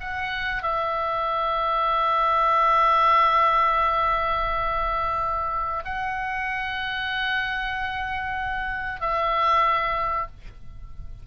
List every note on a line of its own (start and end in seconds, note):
0.00 0.63 F#5
0.63 5.84 E5
5.84 9.00 F#5
9.00 10.27 E5